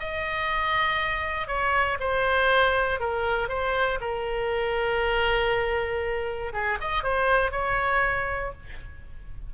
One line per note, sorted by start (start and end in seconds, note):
0.00 1.48 D#5
1.48 1.98 C#5
2.00 3.00 C5
3.00 3.49 A#4
3.49 3.99 C5
4.01 6.53 A#4
6.53 6.79 G#4
6.81 7.04 D#5
7.04 7.51 C5
7.51 8.52 C#5